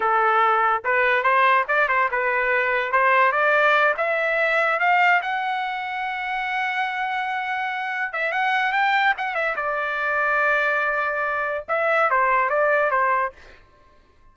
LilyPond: \new Staff \with { instrumentName = "trumpet" } { \time 4/4 \tempo 4 = 144 a'2 b'4 c''4 | d''8 c''8 b'2 c''4 | d''4. e''2 f''8~ | f''8 fis''2.~ fis''8~ |
fis''2.~ fis''8 e''8 | fis''4 g''4 fis''8 e''8 d''4~ | d''1 | e''4 c''4 d''4 c''4 | }